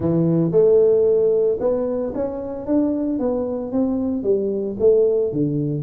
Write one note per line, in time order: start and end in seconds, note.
0.00 0.51 E3
0.51 1.57 A3
1.60 2.13 B3
2.15 2.66 C#4
2.66 3.19 D4
3.19 3.71 B3
3.71 4.23 C4
4.23 4.76 G3
4.79 5.32 A3
5.32 5.82 D3